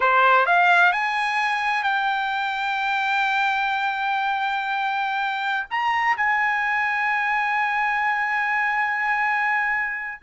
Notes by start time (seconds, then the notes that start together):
0.00 C5
0.45 F5
0.92 G#5
1.83 G5
5.70 A#5
6.16 G#5